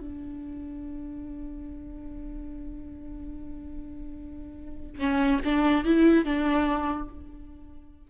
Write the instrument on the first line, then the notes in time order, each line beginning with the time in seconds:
viola
0.00 D4
4.99 C#4
5.45 D4
5.85 E4
6.25 D4